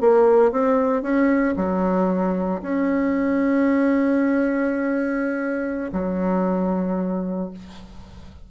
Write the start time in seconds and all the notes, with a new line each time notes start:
0.00 A#3
0.51 C4
1.02 C#4
1.56 F#3
2.62 C#4
5.92 F#3